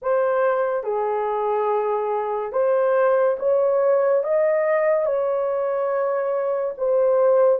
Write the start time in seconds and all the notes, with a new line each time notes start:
0.02 C5
0.83 G#4
2.52 C5
3.39 C#5
4.23 D#5
5.05 C#5
6.77 C5